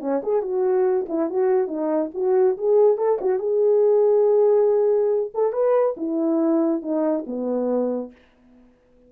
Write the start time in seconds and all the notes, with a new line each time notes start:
0.00 C#4
0.23 G#4
0.42 F#4
1.09 E4
1.29 F#4
1.67 D#4
2.14 F#4
2.57 G#4
2.97 A4
3.21 F#4
3.39 G#4
5.34 A4
5.52 B4
5.97 E4
6.82 D#4
7.26 B3